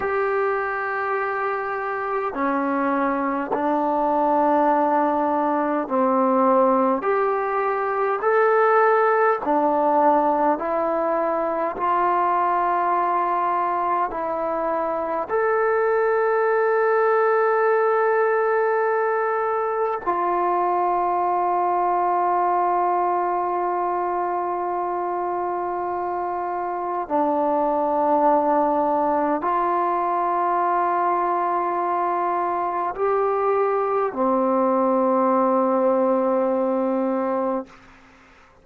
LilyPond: \new Staff \with { instrumentName = "trombone" } { \time 4/4 \tempo 4 = 51 g'2 cis'4 d'4~ | d'4 c'4 g'4 a'4 | d'4 e'4 f'2 | e'4 a'2.~ |
a'4 f'2.~ | f'2. d'4~ | d'4 f'2. | g'4 c'2. | }